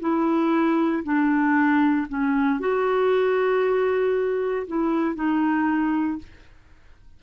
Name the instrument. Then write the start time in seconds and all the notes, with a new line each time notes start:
clarinet
0.00 E4
1.03 D4
2.08 C#4
2.60 F#4
4.67 E4
5.15 D#4